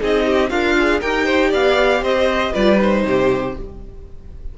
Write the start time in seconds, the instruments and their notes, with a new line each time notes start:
0.00 cello C4, viola D#4, violin G#4 D#5
0.26 violin G4
0.50 cello D4, violin F4 F5, viola A#4
0.79 viola G#4
1.01 cello D#4, viola G4, violin A#4 G5
1.26 violin C5
1.50 cello B3, violin D5 F5
2.02 cello C4, violin C5 D#5
2.53 cello G3, viola F4, violin B4 D5
2.78 viola D#4, violin C5
3.04 cello C3, violin G4